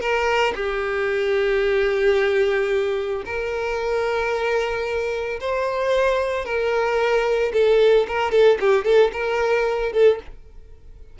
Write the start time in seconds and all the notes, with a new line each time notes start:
0.00 A#4
0.55 G4
3.25 A#4
5.40 C5
6.45 A#4
7.53 A4
8.07 A#4
8.31 A4
8.60 G4
8.84 A4
9.12 A#4
9.92 A4